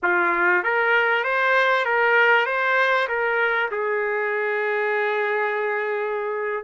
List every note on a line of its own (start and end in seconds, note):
0.03 0.63 F4
0.63 1.23 A#4
1.23 1.85 C5
1.85 2.45 A#4
2.45 3.07 C5
3.08 3.70 A#4
3.71 6.64 G#4